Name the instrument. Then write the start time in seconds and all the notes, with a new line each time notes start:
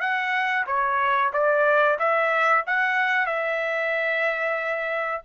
trumpet
0.00 F#5
0.66 C#5
1.33 D5
1.99 E5
2.66 F#5
3.26 E5